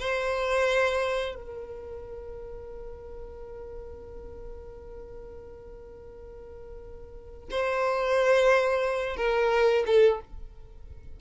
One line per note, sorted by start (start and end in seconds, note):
0.00 1.35 C5
1.35 7.49 A#4
7.51 9.16 C5
9.16 9.84 A#4
9.86 10.20 A4